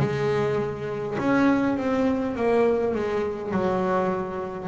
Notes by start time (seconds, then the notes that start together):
0.00 G#3
1.19 C#4
1.77 C4
2.36 A#3
2.95 G#3
3.52 F#3